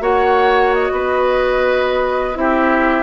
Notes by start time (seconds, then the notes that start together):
0.00 A#3 F#4 C#5 F#5
0.74 D#5
0.91 B3 B4
2.34 C4 E4 G4 E5